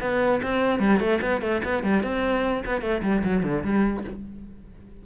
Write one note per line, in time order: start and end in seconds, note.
0.00 0.41 B3
0.42 0.79 C4
0.79 0.99 G3
0.99 1.20 A3
1.21 1.41 B3
1.41 1.61 A3
1.64 1.83 B3
1.83 2.03 G3
2.03 2.63 C4
2.65 2.81 B3
2.81 3.01 A3
3.02 3.22 G3
3.23 3.43 F#3
3.43 3.63 D3
3.63 4.04 G3